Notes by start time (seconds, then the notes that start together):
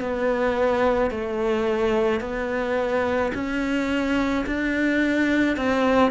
0.00 B3
1.11 A3
2.20 B3
3.34 C#4
4.46 D4
5.56 C4